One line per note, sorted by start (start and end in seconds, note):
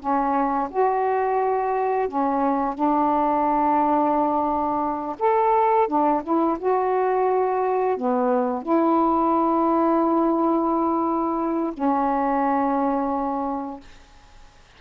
0.00 0.69 C#4
0.71 2.08 F#4
2.08 2.75 C#4
2.75 5.16 D4
5.19 5.88 A4
5.88 6.23 D4
6.24 6.58 E4
6.60 7.97 F#4
7.97 8.63 B3
8.63 11.73 E4
11.74 13.81 C#4